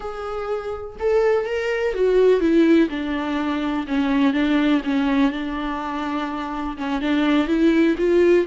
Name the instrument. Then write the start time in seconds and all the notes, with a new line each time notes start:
viola
0.00 G#4
0.99 A4
1.45 A#4
1.94 F#4
2.40 E4
2.89 D4
3.87 C#4
4.33 D4
4.84 C#4
5.31 D4
6.77 C#4
7.01 D4
7.47 E4
7.98 F4